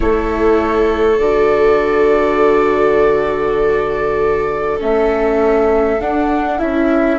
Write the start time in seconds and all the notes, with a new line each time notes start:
0.00 A3 E4 A4 C#5
1.18 D3 F#4 D5
4.78 A3 C#4 E5
6.00 D4 F#5
6.58 C#4 E4 E5